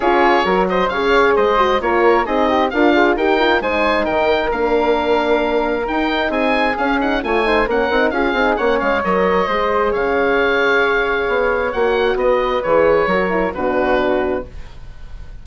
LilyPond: <<
  \new Staff \with { instrumentName = "oboe" } { \time 4/4 \tempo 4 = 133 cis''4. dis''8 f''4 dis''4 | cis''4 dis''4 f''4 g''4 | gis''4 g''4 f''2~ | f''4 g''4 gis''4 f''8 fis''8 |
gis''4 fis''4 f''4 fis''8 f''8 | dis''2 f''2~ | f''2 fis''4 dis''4 | cis''2 b'2 | }
  \new Staff \with { instrumentName = "flute" } { \time 4/4 gis'4 ais'8 c''8 cis''4 c''4 | ais'4 gis'8 g'8 f'4 ais'4 | c''4 ais'2.~ | ais'2 gis'2 |
cis''8 c''8 ais'4 gis'4 cis''4~ | cis''4 c''4 cis''2~ | cis''2. b'4~ | b'4 ais'4 fis'2 | }
  \new Staff \with { instrumentName = "horn" } { \time 4/4 f'4 fis'4 gis'4. fis'8 | f'4 dis'4 ais'8 gis'8 g'8 f'8 | dis'2 d'2~ | d'4 dis'2 cis'8 dis'8 |
f'8 dis'8 cis'8 dis'8 f'8 dis'8 cis'4 | ais'4 gis'2.~ | gis'2 fis'2 | gis'4 fis'8 e'8 d'2 | }
  \new Staff \with { instrumentName = "bassoon" } { \time 4/4 cis'4 fis4 cis4 gis4 | ais4 c'4 d'4 dis'4 | gis4 dis4 ais2~ | ais4 dis'4 c'4 cis'4 |
a4 ais8 c'8 cis'8 c'8 ais8 gis8 | fis4 gis4 cis2~ | cis4 b4 ais4 b4 | e4 fis4 b,2 | }
>>